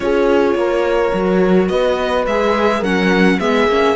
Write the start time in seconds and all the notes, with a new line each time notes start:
0.00 C#4 F4 G#4 C#5
0.54 A#3 A#4
1.13 F#3 F#4
1.68 B3 B4 D#5
2.26 G#3 G#4 E5
2.79 F#3 C#4 A#4 F#5
3.39 G#3 B3 G#4 E5
3.67 A#3 C#4